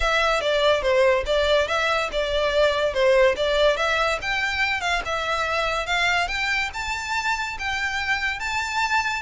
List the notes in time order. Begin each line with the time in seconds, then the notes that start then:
0.00 E5
0.40 D5
0.82 C5
1.26 D5
1.67 E5
2.12 D5
2.93 C5
3.36 D5
3.76 E5
4.21 G5
4.80 F5
5.05 E5
5.86 F5
6.28 G5
6.73 A5
7.58 G5
8.39 A5